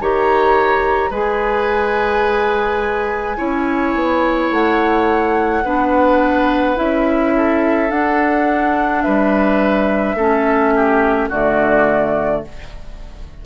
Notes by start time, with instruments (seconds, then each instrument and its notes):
0.00 bassoon D#3, clarinet G4, oboe C#5, flute A#5
1.10 bassoon G#3, clarinet G#4, oboe B4, flute G#5
3.37 bassoon C#4, clarinet E4, oboe C#5
3.95 bassoon B3
4.50 bassoon A3, flute F#5
5.64 bassoon B3, clarinet D4, oboe B4
6.76 bassoon C#4, clarinet E4, flute E5
7.37 oboe A4
7.89 clarinet D4, bassoon D4, flute F#5
9.02 bassoon G3, oboe B4, flute E5
10.15 bassoon A3, clarinet C#4, oboe A4
10.75 oboe G4
11.29 bassoon D3, clarinet A3, oboe F#4, flute D5